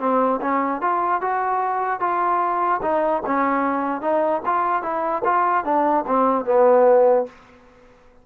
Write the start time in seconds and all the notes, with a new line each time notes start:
0.00 C4
0.42 C#4
0.82 F4
1.22 F#4
2.00 F4
2.82 D#4
3.27 C#4
4.02 D#4
4.46 F4
4.83 E4
5.25 F4
5.65 D4
6.07 C4
6.46 B3